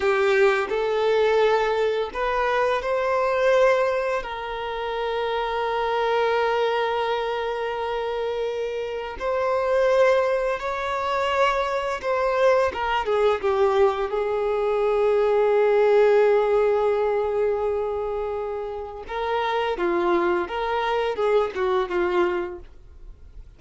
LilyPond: \new Staff \with { instrumentName = "violin" } { \time 4/4 \tempo 4 = 85 g'4 a'2 b'4 | c''2 ais'2~ | ais'1~ | ais'4 c''2 cis''4~ |
cis''4 c''4 ais'8 gis'8 g'4 | gis'1~ | gis'2. ais'4 | f'4 ais'4 gis'8 fis'8 f'4 | }